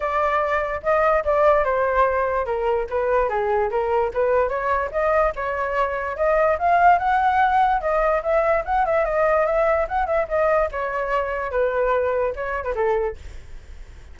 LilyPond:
\new Staff \with { instrumentName = "flute" } { \time 4/4 \tempo 4 = 146 d''2 dis''4 d''4 | c''2 ais'4 b'4 | gis'4 ais'4 b'4 cis''4 | dis''4 cis''2 dis''4 |
f''4 fis''2 dis''4 | e''4 fis''8 e''8 dis''4 e''4 | fis''8 e''8 dis''4 cis''2 | b'2 cis''8. b'16 a'4 | }